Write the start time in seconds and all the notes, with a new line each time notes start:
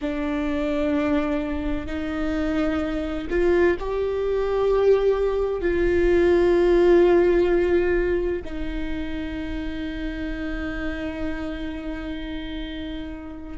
0.01 D4
1.86 D#4
3.29 F4
3.79 G4
5.61 F4
8.44 D#4